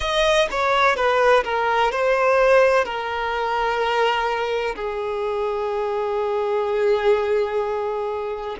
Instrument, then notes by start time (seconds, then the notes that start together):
violin
0.00 D#5
0.50 C#5
0.95 B4
1.44 A#4
1.91 C5
2.84 A#4
4.75 G#4